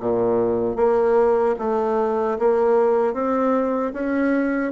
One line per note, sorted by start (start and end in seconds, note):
0.00 0.76 A#2
0.76 1.55 A#3
1.59 2.38 A3
2.39 3.14 A#3
3.14 3.93 C4
3.93 4.72 C#4